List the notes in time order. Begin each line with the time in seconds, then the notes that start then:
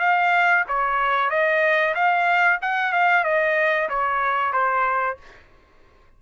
0.00 F5
0.68 C#5
1.30 D#5
1.95 F5
2.62 F#5
2.93 F5
3.25 D#5
3.90 C#5
4.53 C5